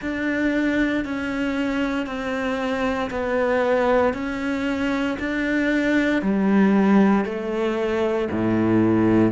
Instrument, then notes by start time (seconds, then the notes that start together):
cello
0.01 D4
1.04 C#4
2.06 C4
3.10 B3
4.13 C#4
5.19 D4
6.22 G3
7.24 A3
8.31 A2